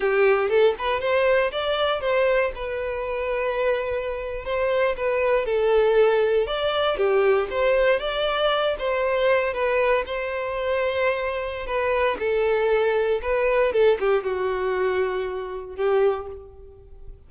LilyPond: \new Staff \with { instrumentName = "violin" } { \time 4/4 \tempo 4 = 118 g'4 a'8 b'8 c''4 d''4 | c''4 b'2.~ | b'8. c''4 b'4 a'4~ a'16~ | a'8. d''4 g'4 c''4 d''16~ |
d''4~ d''16 c''4. b'4 c''16~ | c''2. b'4 | a'2 b'4 a'8 g'8 | fis'2. g'4 | }